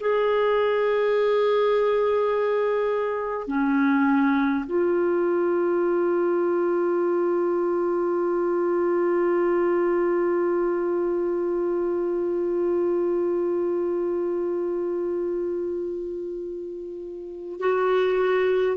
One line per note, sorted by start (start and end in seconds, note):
0.00 3.48 G#4
3.48 4.65 C#4
4.66 17.60 F4
17.60 18.78 F#4